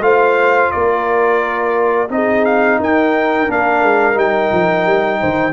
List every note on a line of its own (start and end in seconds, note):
0.00 0.69 A3
0.00 2.08 F4
0.00 0.72 C5
0.00 0.71 F5
0.71 2.09 A#3
0.71 2.12 A#4
0.71 2.09 D5
2.09 2.78 C4
2.09 3.47 D#4
2.09 2.80 G#4
2.09 2.45 D#5
2.45 2.79 F5
2.79 3.48 D#4
2.79 5.20 A#4
2.79 3.51 G5
3.48 3.82 A#3
3.48 4.14 D4
3.48 4.18 F5
3.82 4.15 G#3
4.14 4.50 G3
4.14 5.52 D#4
4.14 5.53 G5
4.51 4.86 F3
4.86 5.20 G3
5.20 5.53 D#3
5.20 5.53 C5